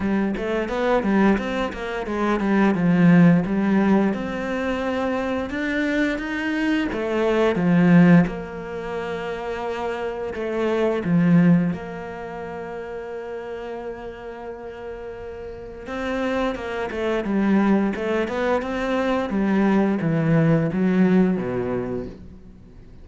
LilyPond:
\new Staff \with { instrumentName = "cello" } { \time 4/4 \tempo 4 = 87 g8 a8 b8 g8 c'8 ais8 gis8 g8 | f4 g4 c'2 | d'4 dis'4 a4 f4 | ais2. a4 |
f4 ais2.~ | ais2. c'4 | ais8 a8 g4 a8 b8 c'4 | g4 e4 fis4 b,4 | }